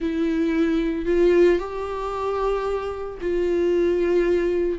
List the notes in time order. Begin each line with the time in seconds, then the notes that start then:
0.00 E4
1.05 F4
1.59 G4
3.21 F4